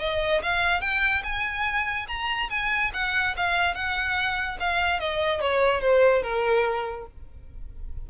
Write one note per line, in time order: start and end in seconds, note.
0.00 0.42 D#5
0.43 0.81 F5
0.81 1.23 G5
1.24 2.07 G#5
2.08 2.50 A#5
2.50 2.92 G#5
2.94 3.36 F#5
3.37 3.75 F5
3.75 4.58 F#5
4.60 5.00 F5
5.00 5.41 D#5
5.41 5.81 C#5
5.81 6.23 C5
6.23 7.06 A#4